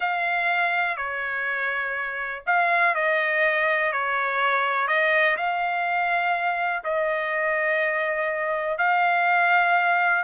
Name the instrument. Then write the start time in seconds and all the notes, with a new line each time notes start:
trumpet
0.00 F5
0.96 C#5
2.46 F5
2.94 D#5
3.92 C#5
4.87 D#5
5.37 F5
6.84 D#5
8.77 F5